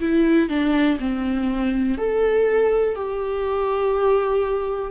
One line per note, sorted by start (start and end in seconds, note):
0.00 0.49 E4
0.49 0.98 D4
0.99 1.98 C4
1.98 2.96 A4
2.96 4.90 G4